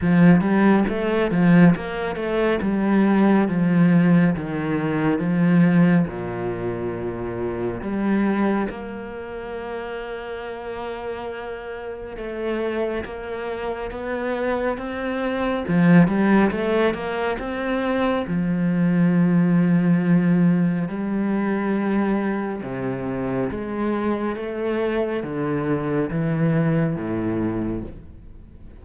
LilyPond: \new Staff \with { instrumentName = "cello" } { \time 4/4 \tempo 4 = 69 f8 g8 a8 f8 ais8 a8 g4 | f4 dis4 f4 ais,4~ | ais,4 g4 ais2~ | ais2 a4 ais4 |
b4 c'4 f8 g8 a8 ais8 | c'4 f2. | g2 c4 gis4 | a4 d4 e4 a,4 | }